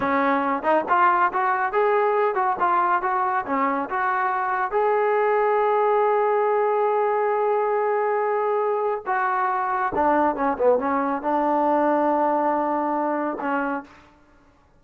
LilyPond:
\new Staff \with { instrumentName = "trombone" } { \time 4/4 \tempo 4 = 139 cis'4. dis'8 f'4 fis'4 | gis'4. fis'8 f'4 fis'4 | cis'4 fis'2 gis'4~ | gis'1~ |
gis'1~ | gis'4 fis'2 d'4 | cis'8 b8 cis'4 d'2~ | d'2. cis'4 | }